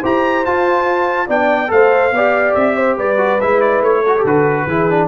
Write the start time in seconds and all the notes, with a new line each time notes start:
0.00 E4 G4 C5 A#5
0.46 F4 A5
1.27 B3 D4 D5 G5
1.68 A3 A4 C5 F5
2.12 B3 G4 D5
2.55 C4 E5
2.77 C5
2.98 G3 B4 D5
3.18 F#4
3.41 G#3 E4 E5
3.61 D5
3.82 A3 C#5
4.03 F#4 A4
4.18 G4
4.24 D3 F#4 B4
4.67 E3 E4 G#4
4.90 D4